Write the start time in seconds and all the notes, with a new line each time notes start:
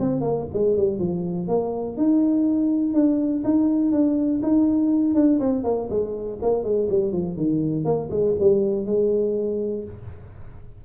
0.00 C4
0.21 A#3
0.54 G#3
0.77 G3
0.99 F3
1.48 A#3
1.97 D#4
2.94 D4
3.45 D#4
3.92 D4
4.43 D#4
5.15 D4
5.40 C4
5.64 A#3
5.90 G#3
6.42 A#3
6.64 G#3
6.90 G3
7.13 F3
7.37 D#3
7.85 A#3
8.11 G#3
8.40 G3
8.86 G#3